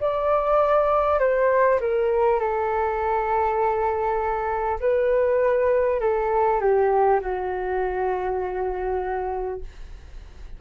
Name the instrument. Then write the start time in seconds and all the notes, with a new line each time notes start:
flute
0.00 D5
1.19 C5
1.81 A#4
2.40 A4
4.81 B4
6.01 A4
6.61 G4
7.21 F#4